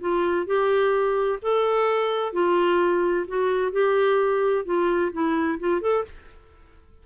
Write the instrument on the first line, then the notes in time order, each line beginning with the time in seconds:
clarinet
0.00 F4
0.46 G4
1.42 A4
2.33 F4
3.27 F#4
3.72 G4
4.65 F4
5.12 E4
5.59 F4
5.81 A4